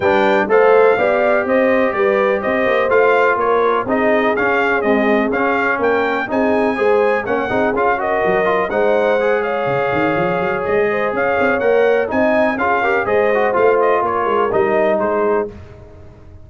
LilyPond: <<
  \new Staff \with { instrumentName = "trumpet" } { \time 4/4 \tempo 4 = 124 g''4 f''2 dis''4 | d''4 dis''4 f''4 cis''4 | dis''4 f''4 dis''4 f''4 | g''4 gis''2 fis''4 |
f''8 dis''4. fis''4. f''8~ | f''2 dis''4 f''4 | fis''4 gis''4 f''4 dis''4 | f''8 dis''8 cis''4 dis''4 c''4 | }
  \new Staff \with { instrumentName = "horn" } { \time 4/4 b'4 c''4 d''4 c''4 | b'4 c''2 ais'4 | gis'1 | ais'4 gis'4 c''4 cis''8 gis'8~ |
gis'8 ais'4. c''4. cis''8~ | cis''2~ cis''8 c''8 cis''4~ | cis''4 dis''4 gis'8 ais'8 c''4~ | c''4 ais'2 gis'4 | }
  \new Staff \with { instrumentName = "trombone" } { \time 4/4 d'4 a'4 g'2~ | g'2 f'2 | dis'4 cis'4 gis4 cis'4~ | cis'4 dis'4 gis'4 cis'8 dis'8 |
f'8 fis'4 f'8 dis'4 gis'4~ | gis'1 | ais'4 dis'4 f'8 g'8 gis'8 fis'8 | f'2 dis'2 | }
  \new Staff \with { instrumentName = "tuba" } { \time 4/4 g4 a4 b4 c'4 | g4 c'8 ais8 a4 ais4 | c'4 cis'4 c'4 cis'4 | ais4 c'4 gis4 ais8 c'8 |
cis'4 fis4 gis2 | cis8 dis8 f8 fis8 gis4 cis'8 c'8 | ais4 c'4 cis'4 gis4 | a4 ais8 gis8 g4 gis4 | }
>>